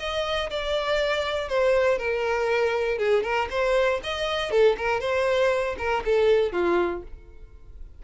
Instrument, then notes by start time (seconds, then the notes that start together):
violin
0.00 D#5
0.51 D5
1.49 C5
1.99 A#4
2.99 G#4
3.24 A#4
3.51 C5
4.04 D#5
4.51 A4
4.78 A#4
5.01 C5
5.79 A#4
6.05 A4
6.53 F4